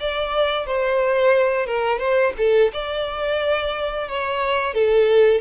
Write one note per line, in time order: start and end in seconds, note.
0.00 0.67 D5
0.67 1.67 C5
1.67 1.99 A#4
1.99 2.33 C5
2.38 2.72 A4
2.73 4.09 D5
4.09 4.74 C#5
4.74 5.41 A4